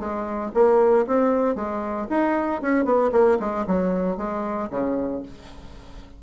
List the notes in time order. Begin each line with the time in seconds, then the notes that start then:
0.00 G#3
0.54 A#3
1.07 C4
1.56 G#3
2.10 D#4
2.62 C#4
2.85 B3
3.13 A#3
3.40 G#3
3.67 F#3
4.18 G#3
4.71 C#3